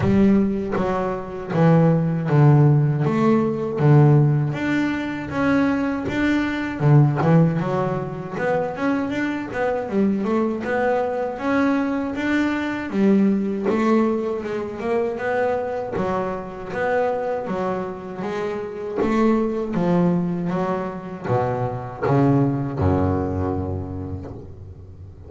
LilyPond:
\new Staff \with { instrumentName = "double bass" } { \time 4/4 \tempo 4 = 79 g4 fis4 e4 d4 | a4 d4 d'4 cis'4 | d'4 d8 e8 fis4 b8 cis'8 | d'8 b8 g8 a8 b4 cis'4 |
d'4 g4 a4 gis8 ais8 | b4 fis4 b4 fis4 | gis4 a4 f4 fis4 | b,4 cis4 fis,2 | }